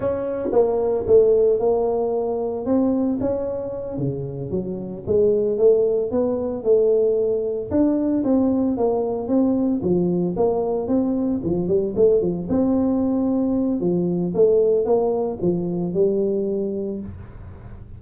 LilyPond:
\new Staff \with { instrumentName = "tuba" } { \time 4/4 \tempo 4 = 113 cis'4 ais4 a4 ais4~ | ais4 c'4 cis'4. cis8~ | cis8 fis4 gis4 a4 b8~ | b8 a2 d'4 c'8~ |
c'8 ais4 c'4 f4 ais8~ | ais8 c'4 f8 g8 a8 f8 c'8~ | c'2 f4 a4 | ais4 f4 g2 | }